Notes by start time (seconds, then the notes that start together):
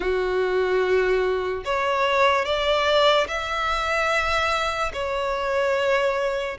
0.00 F#4
1.64 C#5
2.45 D5
3.27 E5
4.93 C#5